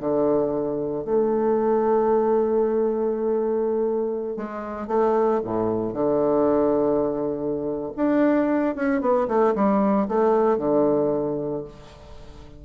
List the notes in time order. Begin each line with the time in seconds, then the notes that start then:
0.00 D3
1.05 A3
4.37 G#3
4.88 A3
5.44 A2
5.93 D3
7.96 D4
8.76 C#4
9.01 B3
9.28 A3
9.55 G3
10.08 A3
10.58 D3